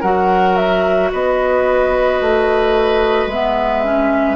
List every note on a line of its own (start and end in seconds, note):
0.00 1.12 F#3
0.00 3.30 F#4
0.00 1.09 A#4
0.00 0.56 F#5
0.56 1.10 E5
1.12 2.20 B3
1.12 4.36 B4
1.12 3.30 D#5
2.20 3.26 A3
3.26 4.35 G#3
3.26 3.84 B3
3.26 4.36 E5
3.84 4.36 C#4